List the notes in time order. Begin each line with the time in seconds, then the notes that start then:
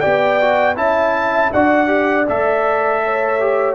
0.00 B3 G4 D5 G5
0.40 F#4
0.76 C#4 E4 E5 A5
1.52 D4 F#4 D5 F#5
1.87 G4
2.28 A3 A4 E5
3.04 C#5
3.40 G4